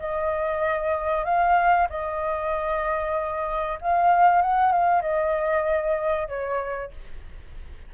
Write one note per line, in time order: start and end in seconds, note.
0.00 1.25 D#5
1.25 1.88 F5
1.90 3.80 D#5
3.82 4.42 F5
4.42 4.73 F#5
4.73 5.02 F5
5.02 6.28 D#5
6.28 6.92 C#5